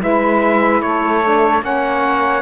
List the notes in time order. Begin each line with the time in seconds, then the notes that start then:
0.00 G#3 E4 B4 E5
0.81 A3 A4 C#5
1.24 D4
1.61 A#3 C#4 C#5 F#5